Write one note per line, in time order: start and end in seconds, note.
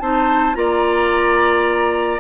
0.00 0.55 C4
0.00 0.54 D#4
0.00 0.57 C5
0.00 0.55 A5
0.54 2.20 A#3
0.54 2.19 F4
0.54 2.20 D5
0.54 2.20 A#5